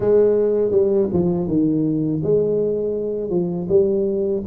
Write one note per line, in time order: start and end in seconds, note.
0.00 0.71 G#3
0.71 1.08 G3
1.12 1.47 F3
1.47 2.21 D#3
2.23 3.30 G#3
3.30 3.67 F3
3.68 4.42 G3